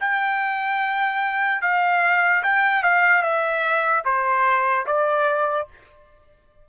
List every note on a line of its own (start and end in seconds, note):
0.00 1.61 G5
1.61 2.43 F5
2.43 2.83 G5
2.83 3.22 F5
3.22 4.03 E5
4.05 4.86 C5
4.86 5.67 D5